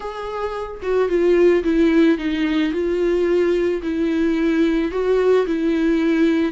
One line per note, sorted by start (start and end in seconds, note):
0.00 0.81 G#4
0.82 1.08 F#4
1.08 1.63 F4
1.63 2.18 E4
2.18 2.72 D#4
2.72 3.81 F4
3.82 4.91 E4
4.91 5.45 F#4
5.46 6.52 E4